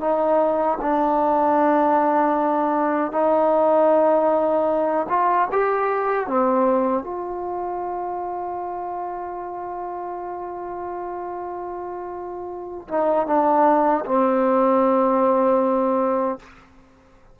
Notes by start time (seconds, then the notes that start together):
0.00 D#4
0.81 D4
3.12 D#4
5.09 F4
5.51 G4
6.27 C4
7.03 F4
12.88 D#4
13.26 D4
14.05 C4